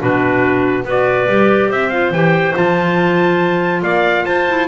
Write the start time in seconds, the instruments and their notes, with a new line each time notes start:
0.00 double bass B2, clarinet D4 F#4, trumpet B4
0.84 double bass B3, clarinet F#4 B4
0.90 trumpet D5
1.28 double bass G3, clarinet G4
1.69 double bass C4, clarinet C5, trumpet E5
1.90 clarinet F4, trumpet F5
2.11 double bass E3, clarinet G4, trumpet G5
2.54 double bass F3, clarinet F4, trumpet A5
3.82 double bass A#3, clarinet D5, trumpet F5
4.26 double bass F4, clarinet C5, trumpet A5
4.48 clarinet E4